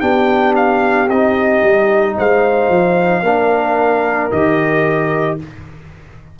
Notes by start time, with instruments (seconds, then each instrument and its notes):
0.00 tuba B3, trombone D4, horn G4, trumpet G5
0.55 trumpet F5
1.08 tuba C4, trombone D#4, trumpet D#5
1.63 tuba G3
2.17 tuba G#3, horn C5, trumpet F5
2.69 tuba F3
3.22 tuba A#3, trombone D4, horn A#4
4.31 tuba D#3, trombone G4, trumpet D#5